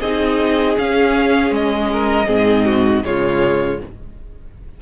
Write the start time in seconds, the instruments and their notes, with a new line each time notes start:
0.00 cello C4, viola D#4, violin G#4 D#5
0.77 viola C#4, cello C#4, violin F5
1.51 cello G#3, violin D#5
1.92 violin A#4
2.26 cello G#2, viola C4, violin G#4
2.65 violin F#4
3.05 cello C#3, viola G#3, violin F4 C#5